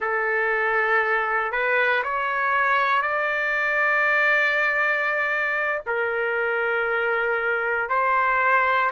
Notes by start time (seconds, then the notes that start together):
0.00 A4
1.52 B4
2.03 C#5
3.02 D5
5.86 A#4
7.89 C5